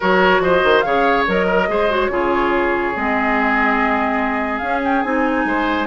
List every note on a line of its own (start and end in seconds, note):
0.00 0.39 F#3
0.00 0.84 F#4
0.00 0.41 A#4
0.00 0.42 C#5
0.39 0.60 F3
0.39 0.85 C5
0.39 0.81 D#5
0.64 0.85 D#3
0.81 1.27 C#3
0.81 1.26 G#4
0.81 1.46 C#5
0.81 1.23 F5
1.27 1.68 F#3
1.27 1.68 A#4
1.27 1.92 D#5
1.46 1.67 A#4
1.68 2.09 G#3
1.68 1.89 G#4
1.68 2.11 C5
1.90 2.11 F#4
1.90 2.96 C#5
2.09 2.93 C#3
2.09 2.95 F4
2.09 5.47 G#4
2.95 4.61 G#3
2.95 4.63 C4
2.95 4.58 D#5
4.58 5.03 C#4
4.58 5.04 C#4
4.58 4.79 F5
4.84 5.02 G5
5.02 5.44 C4
5.02 5.86 D#4
5.02 5.86 G#5
5.44 5.86 G#3
5.44 5.86 C5